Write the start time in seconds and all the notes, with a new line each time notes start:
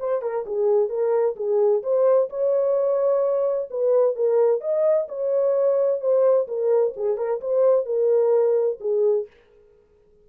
0.00 C5
0.23 A#4
0.46 G#4
0.90 A#4
1.36 G#4
1.83 C5
2.30 C#5
3.71 B4
4.16 A#4
4.62 D#5
5.09 C#5
6.01 C5
6.48 A#4
6.97 G#4
7.18 A#4
7.41 C5
7.86 A#4
8.81 G#4